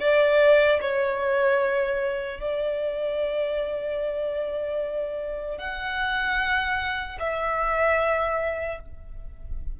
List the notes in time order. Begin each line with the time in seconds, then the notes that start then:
0.00 D5
0.81 C#5
2.40 D5
5.58 F#5
7.20 E5